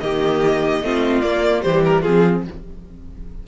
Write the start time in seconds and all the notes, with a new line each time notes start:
0.00 D#3 A#3 G4 D#5
0.82 A3 C4 F4
1.21 A#3 D5
1.62 E3 G3 G4 C5
1.85 A#4
2.02 F3 C4 F4 G#4